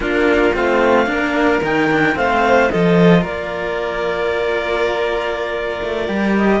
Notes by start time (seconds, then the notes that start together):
0.00 A#3 D4 F4 A#4
0.54 A3 C4 F5
1.06 A#3 D4 A#4
1.61 D#3 D#4 G5
1.91 D4
2.14 A3 C4 C5 F5
2.70 F3 F4 A4 D#5
3.21 A#3 A#4 D5
5.82 A3
6.08 G3 G4
6.36 D#5